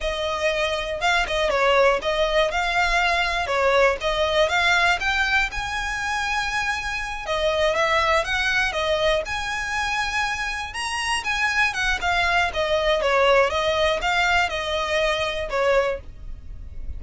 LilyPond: \new Staff \with { instrumentName = "violin" } { \time 4/4 \tempo 4 = 120 dis''2 f''8 dis''8 cis''4 | dis''4 f''2 cis''4 | dis''4 f''4 g''4 gis''4~ | gis''2~ gis''8 dis''4 e''8~ |
e''8 fis''4 dis''4 gis''4.~ | gis''4. ais''4 gis''4 fis''8 | f''4 dis''4 cis''4 dis''4 | f''4 dis''2 cis''4 | }